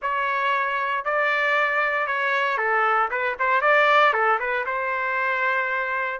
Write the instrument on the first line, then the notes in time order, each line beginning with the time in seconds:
trumpet
0.02 C#5
1.04 D5
2.06 C#5
2.57 A4
3.11 B4
3.39 C5
3.61 D5
4.13 A4
4.39 B4
4.66 C5